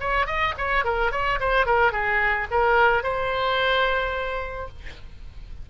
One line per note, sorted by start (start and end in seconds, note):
0.00 0.27 C#5
0.27 0.54 D#5
0.58 0.84 C#5
0.84 1.12 A#4
1.12 1.39 C#5
1.40 1.66 C5
1.66 1.92 A#4
1.92 2.47 G#4
2.51 3.03 A#4
3.03 4.68 C5